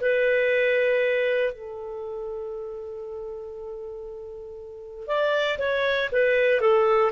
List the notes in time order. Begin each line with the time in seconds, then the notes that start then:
0.00 B4
1.53 A4
5.07 D5
5.58 C#5
6.12 B4
6.61 A4